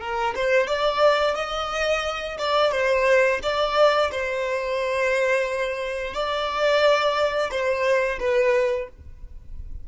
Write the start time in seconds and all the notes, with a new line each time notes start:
0.00 A#4
0.35 C5
0.67 D5
1.35 D#5
2.38 D5
2.71 C5
3.42 D5
4.11 C5
6.14 D5
7.51 C5
8.20 B4